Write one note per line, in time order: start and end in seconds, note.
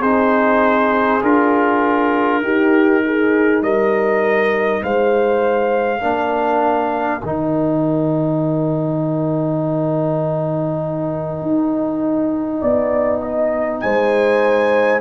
0.00 1.20 C4
0.00 1.21 D#4
0.00 2.40 G#4
0.00 1.22 C5
1.22 2.42 D4
1.22 2.42 F4
1.22 3.62 A#4
2.42 3.62 D#4
2.42 6.00 D#4
2.42 3.04 G4
3.04 3.64 G#4
3.62 4.82 G3
3.62 4.83 A#4
3.62 4.83 D#5
4.83 6.02 G#3
4.83 5.99 C5
4.83 7.23 F5
5.99 7.22 A#3
5.99 7.20 D4
5.99 12.59 A#4
7.23 11.42 D#3
7.23 15.01 D#4
7.23 13.80 G5
11.42 12.62 D#4
12.61 13.82 B3
12.61 13.21 D5
13.21 13.81 D#5
13.80 15.01 G#3
13.80 15.01 C5
13.80 15.00 G#5